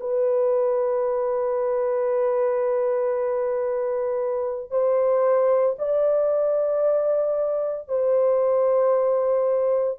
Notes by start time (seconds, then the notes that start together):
0.00 B4
4.71 C5
5.78 D5
7.89 C5